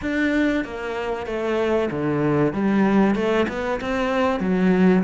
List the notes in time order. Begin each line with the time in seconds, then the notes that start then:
0.01 D4
0.64 A#3
1.26 A3
1.90 D3
2.53 G3
3.15 A3
3.48 B3
3.81 C4
4.40 F#3